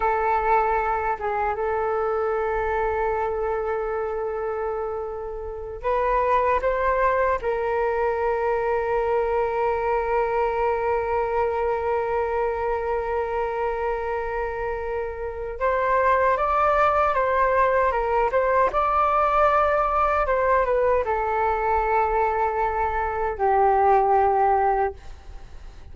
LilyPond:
\new Staff \with { instrumentName = "flute" } { \time 4/4 \tempo 4 = 77 a'4. gis'8 a'2~ | a'2.~ a'8 b'8~ | b'8 c''4 ais'2~ ais'8~ | ais'1~ |
ais'1 | c''4 d''4 c''4 ais'8 c''8 | d''2 c''8 b'8 a'4~ | a'2 g'2 | }